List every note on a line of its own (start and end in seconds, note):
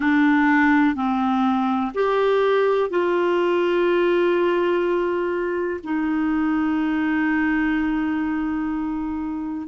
0.00 0.95 D4
0.95 1.91 C4
1.94 2.90 G4
2.90 5.80 F4
5.83 9.68 D#4